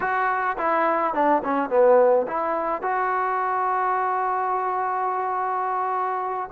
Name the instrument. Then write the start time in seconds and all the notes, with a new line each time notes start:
trombone
0.00 F#4
0.57 E4
1.13 D4
1.44 C#4
1.69 B3
2.27 E4
2.81 F#4